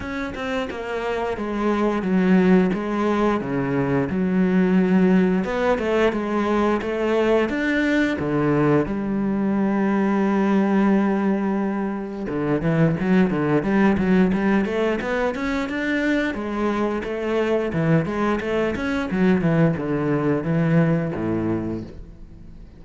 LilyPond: \new Staff \with { instrumentName = "cello" } { \time 4/4 \tempo 4 = 88 cis'8 c'8 ais4 gis4 fis4 | gis4 cis4 fis2 | b8 a8 gis4 a4 d'4 | d4 g2.~ |
g2 d8 e8 fis8 d8 | g8 fis8 g8 a8 b8 cis'8 d'4 | gis4 a4 e8 gis8 a8 cis'8 | fis8 e8 d4 e4 a,4 | }